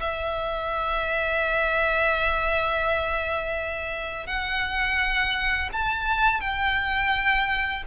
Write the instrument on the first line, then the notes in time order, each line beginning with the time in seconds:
violin
0.00 E5
4.26 F#5
5.73 A5
6.40 G5